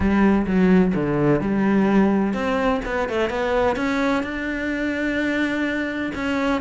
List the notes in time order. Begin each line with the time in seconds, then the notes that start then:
0.00 G3
0.46 F#3
0.94 D3
1.40 G3
2.33 C4
2.85 B3
3.08 A3
3.29 B3
3.76 C#4
4.23 D4
6.14 C#4